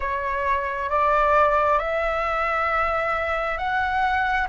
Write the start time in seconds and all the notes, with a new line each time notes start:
0.00 C#5
0.89 D5
1.79 E5
3.57 F#5